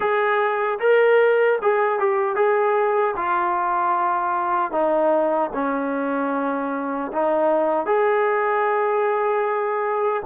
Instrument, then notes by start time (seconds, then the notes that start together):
trombone
0.00 G#4
0.79 A#4
1.62 G#4
1.99 G4
2.35 G#4
3.16 F4
4.71 D#4
5.53 C#4
7.12 D#4
7.86 G#4